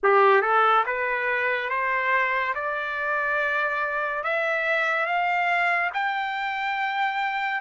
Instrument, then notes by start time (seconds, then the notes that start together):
trumpet
0.03 G4
0.41 A4
0.86 B4
1.69 C5
2.54 D5
4.23 E5
5.06 F5
5.93 G5